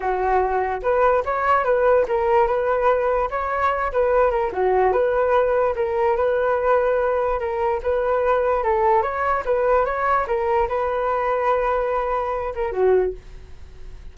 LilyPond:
\new Staff \with { instrumentName = "flute" } { \time 4/4 \tempo 4 = 146 fis'2 b'4 cis''4 | b'4 ais'4 b'2 | cis''4. b'4 ais'8 fis'4 | b'2 ais'4 b'4~ |
b'2 ais'4 b'4~ | b'4 a'4 cis''4 b'4 | cis''4 ais'4 b'2~ | b'2~ b'8 ais'8 fis'4 | }